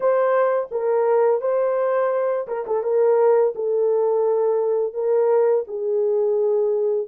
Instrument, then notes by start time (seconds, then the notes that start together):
horn
0.00 C5
0.71 A#4
1.41 C5
2.47 A#4
2.66 A4
2.83 A#4
3.55 A4
4.93 A#4
5.67 G#4